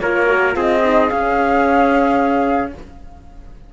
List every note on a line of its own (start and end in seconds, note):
0.00 0.56 A#3
0.00 0.27 F4
0.00 0.56 A#4
0.00 0.54 C#5
0.27 0.53 F#4
0.53 1.10 C4
0.53 0.81 F4
0.53 2.73 G#4
0.60 1.10 D#5
0.84 1.10 D#4
1.10 2.72 C#4
1.10 2.74 C#4
1.10 2.72 F5